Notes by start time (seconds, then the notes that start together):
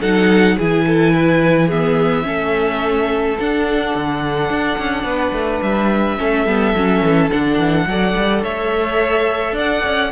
0.00 F#3 D#4 A4 F#5
0.57 E3 E4 G#4 G#5
0.87 A4
1.14 B4
1.68 B3 G#4 E5
2.24 A3 C#4 A4
3.40 D4 F#5
3.95 D3
4.50 D4
4.79 C#4
5.04 B3 B4
5.32 A3
5.62 G3 E5
6.18 A3 C#4 A4
6.46 G3 B3
6.75 F#3 C#4
7.02 E3
7.31 D3 D4 F#5
7.58 E3
7.87 F#3 A4 D5
8.16 G3
8.42 A3 C#5 E5
9.53 D4 D5 F#5
9.85 C#4